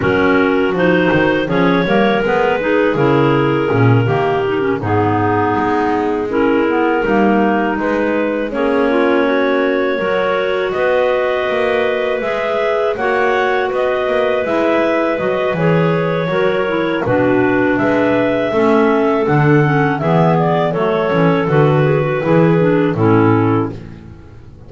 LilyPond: <<
  \new Staff \with { instrumentName = "clarinet" } { \time 4/4 \tempo 4 = 81 ais'4 c''4 cis''4 b'4 | ais'2~ ais'8 gis'4.~ | gis'8 ais'2 b'4 cis''8~ | cis''2~ cis''8 dis''4.~ |
dis''8 e''4 fis''4 dis''4 e''8~ | e''8 dis''8 cis''2 b'4 | e''2 fis''4 e''8 d''8 | cis''4 b'2 a'4 | }
  \new Staff \with { instrumentName = "clarinet" } { \time 4/4 fis'2 gis'8 ais'4 gis'8~ | gis'4. g'4 dis'4.~ | dis'8 e'4 dis'2 gis'8 | f'8 fis'4 ais'4 b'4.~ |
b'4. cis''4 b'4.~ | b'2 ais'4 fis'4 | b'4 a'2 gis'4 | a'4. gis'16 fis'16 gis'4 e'4 | }
  \new Staff \with { instrumentName = "clarinet" } { \time 4/4 cis'4 dis'4 cis'8 ais8 b8 dis'8 | e'4 cis'8 ais8 dis'16 cis'16 b4.~ | b8 cis'8 b8 ais4 gis4 cis'8~ | cis'4. fis'2~ fis'8~ |
fis'8 gis'4 fis'2 e'8~ | e'8 fis'8 gis'4 fis'8 e'8 d'4~ | d'4 cis'4 d'8 cis'8 b4 | a8 cis'8 fis'4 e'8 d'8 cis'4 | }
  \new Staff \with { instrumentName = "double bass" } { \time 4/4 fis4 f8 dis8 f8 g8 gis4 | cis4 ais,8 dis4 gis,4 gis8~ | gis4. g4 gis4 ais8~ | ais4. fis4 b4 ais8~ |
ais8 gis4 ais4 b8 ais8 gis8~ | gis8 fis8 e4 fis4 b,4 | gis4 a4 d4 e4 | fis8 e8 d4 e4 a,4 | }
>>